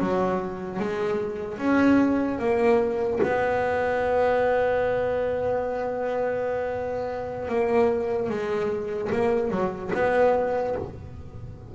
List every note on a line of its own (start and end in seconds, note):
0.00 0.80 F#3
0.80 1.58 G#3
1.58 2.39 C#4
2.39 3.20 A#3
3.23 7.49 B3
7.49 8.30 A#3
8.30 9.11 G#3
9.12 9.51 A#3
9.51 9.91 F#3
9.94 10.75 B3